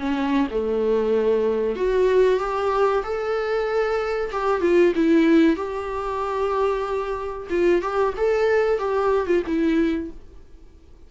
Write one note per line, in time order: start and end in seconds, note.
0.00 0.48 C#4
0.51 1.76 A3
1.76 2.40 F#4
2.40 3.04 G4
3.04 4.32 A4
4.32 4.62 G4
4.62 4.94 F4
4.96 5.56 E4
5.56 7.48 G4
7.50 7.82 F4
7.82 8.14 G4
8.18 8.79 A4
8.79 9.27 G4
9.27 9.43 F4
9.47 10.11 E4